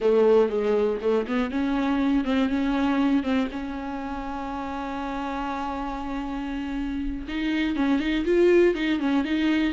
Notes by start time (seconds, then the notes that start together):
0.00 A3
0.49 G#3
1.01 A3
1.27 B3
1.50 C#4
2.24 C4
2.49 C#4
3.23 C4
3.51 C#4
7.27 D#4
7.75 C#4
7.99 D#4
8.25 F4
8.74 D#4
8.99 C#4
9.24 D#4